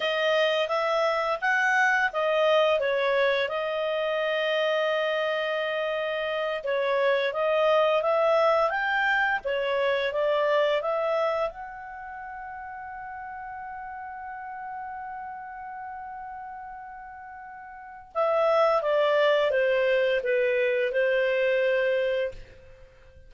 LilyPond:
\new Staff \with { instrumentName = "clarinet" } { \time 4/4 \tempo 4 = 86 dis''4 e''4 fis''4 dis''4 | cis''4 dis''2.~ | dis''4. cis''4 dis''4 e''8~ | e''8 g''4 cis''4 d''4 e''8~ |
e''8 fis''2.~ fis''8~ | fis''1~ | fis''2 e''4 d''4 | c''4 b'4 c''2 | }